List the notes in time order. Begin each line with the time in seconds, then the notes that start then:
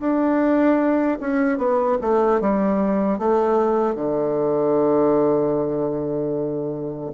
0.00 D4
1.21 C#4
1.58 B3
2.02 A3
2.41 G3
3.19 A3
3.95 D3